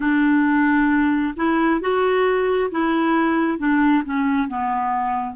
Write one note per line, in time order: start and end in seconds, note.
0.00 1.34 D4
1.36 1.81 E4
1.81 2.70 F#4
2.71 3.58 E4
3.58 4.03 D4
4.05 4.48 C#4
4.48 5.35 B3